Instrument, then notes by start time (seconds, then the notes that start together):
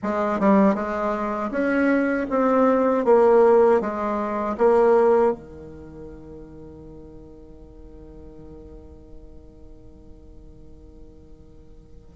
bassoon
0.02 G#3
0.39 G3
0.74 G#3
1.51 C#4
2.30 C4
3.04 A#3
3.80 G#3
4.57 A#3
5.32 D#3